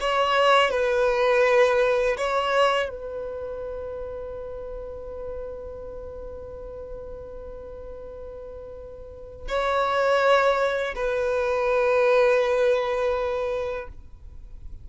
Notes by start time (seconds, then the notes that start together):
0.00 C#5
0.70 B4
2.17 C#5
2.89 B4
9.48 C#5
10.95 B4